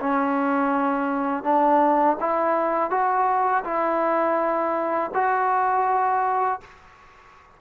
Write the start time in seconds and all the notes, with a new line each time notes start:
0.00 C#4
1.44 D4
2.20 E4
2.90 F#4
3.65 E4
5.14 F#4